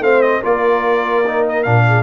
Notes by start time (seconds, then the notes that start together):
0.00 A3 C4 C5 F5
0.22 D#5
0.41 A#3 F4 A#4 D5
1.26 D#4
1.48 D#5
1.63 A#2 D4 F5
1.88 G#4